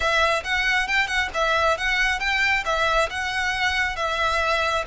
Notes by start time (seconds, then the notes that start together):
0.00 E5
0.44 F#5
0.87 G5
1.07 F#5
1.34 E5
1.77 F#5
2.19 G5
2.65 E5
3.10 F#5
3.96 E5